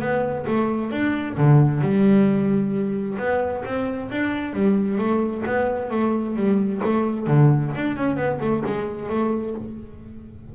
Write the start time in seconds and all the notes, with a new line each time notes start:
0.00 B3
0.48 A3
0.92 D4
1.38 D3
1.82 G3
3.19 B3
3.65 C4
4.11 D4
4.54 G3
4.99 A3
5.46 B3
5.91 A3
6.36 G3
6.84 A3
7.27 D3
7.75 D4
7.97 C#4
8.17 B3
8.41 A3
8.67 G#3
9.10 A3